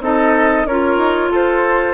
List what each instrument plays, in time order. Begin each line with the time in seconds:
0.00 bassoon C4, clarinet D#4, oboe A4, flute D#5
0.65 bassoon C#4, clarinet F4, oboe A#4, flute C#5
0.96 bassoon D#4
1.29 bassoon F4, oboe A4, flute C5